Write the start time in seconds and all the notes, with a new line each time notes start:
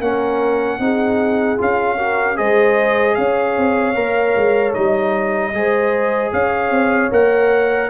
0.00 A#3 C#4 A#4 F#5
0.79 C4 D#4 G#4
1.58 C#4 F4 F5
1.98 F#4 A#4
2.36 G#3 G#4 C5 D#5
3.15 C#4 C#5 F5
3.57 C4
3.96 A#3 A#4
4.37 G#3
4.74 G3 D#4 D#5
5.54 G#3 G#4 C5
6.33 C#4 C#5 F5
6.71 C4
7.12 A#3 A#4 F#5